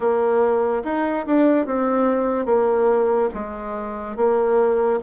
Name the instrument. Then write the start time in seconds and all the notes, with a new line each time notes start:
bassoon
0.00 A#3
0.84 D#4
1.26 D4
1.66 C4
2.45 A#3
3.33 G#3
4.16 A#3